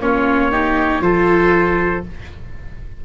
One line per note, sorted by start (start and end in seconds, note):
0.00 1.01 A#3
0.00 0.52 C#4
0.00 0.52 F4
0.00 1.03 C#5
0.52 1.03 D#4
0.52 1.03 G4
1.01 2.03 F3
1.01 2.04 F4
1.01 2.05 A4
1.01 2.04 C5